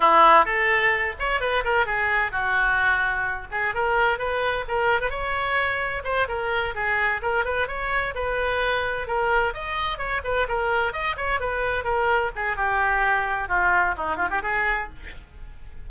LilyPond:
\new Staff \with { instrumentName = "oboe" } { \time 4/4 \tempo 4 = 129 e'4 a'4. cis''8 b'8 ais'8 | gis'4 fis'2~ fis'8 gis'8 | ais'4 b'4 ais'8. b'16 cis''4~ | cis''4 c''8 ais'4 gis'4 ais'8 |
b'8 cis''4 b'2 ais'8~ | ais'8 dis''4 cis''8 b'8 ais'4 dis''8 | cis''8 b'4 ais'4 gis'8 g'4~ | g'4 f'4 dis'8 f'16 g'16 gis'4 | }